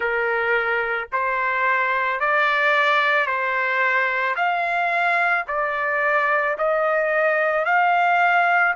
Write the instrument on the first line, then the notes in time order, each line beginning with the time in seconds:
trumpet
0.00 A#4
1.12 C5
2.20 D5
3.26 C5
4.35 F5
5.47 D5
6.58 D#5
7.65 F5